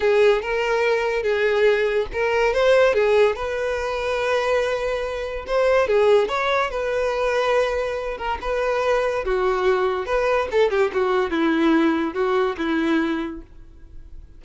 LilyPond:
\new Staff \with { instrumentName = "violin" } { \time 4/4 \tempo 4 = 143 gis'4 ais'2 gis'4~ | gis'4 ais'4 c''4 gis'4 | b'1~ | b'4 c''4 gis'4 cis''4 |
b'2.~ b'8 ais'8 | b'2 fis'2 | b'4 a'8 g'8 fis'4 e'4~ | e'4 fis'4 e'2 | }